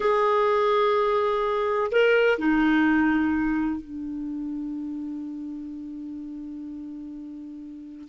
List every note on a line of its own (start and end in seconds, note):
0.00 1.91 G#4
1.91 2.38 A#4
2.38 3.80 D#4
3.80 8.08 D4